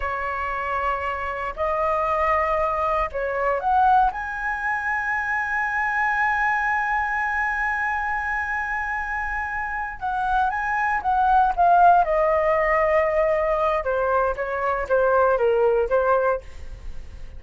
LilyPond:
\new Staff \with { instrumentName = "flute" } { \time 4/4 \tempo 4 = 117 cis''2. dis''4~ | dis''2 cis''4 fis''4 | gis''1~ | gis''1~ |
gis''2.~ gis''8 fis''8~ | fis''8 gis''4 fis''4 f''4 dis''8~ | dis''2. c''4 | cis''4 c''4 ais'4 c''4 | }